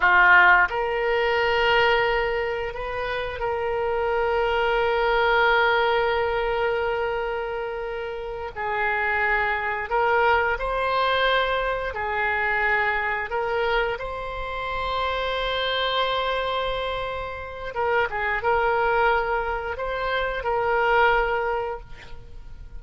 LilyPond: \new Staff \with { instrumentName = "oboe" } { \time 4/4 \tempo 4 = 88 f'4 ais'2. | b'4 ais'2.~ | ais'1~ | ais'8 gis'2 ais'4 c''8~ |
c''4. gis'2 ais'8~ | ais'8 c''2.~ c''8~ | c''2 ais'8 gis'8 ais'4~ | ais'4 c''4 ais'2 | }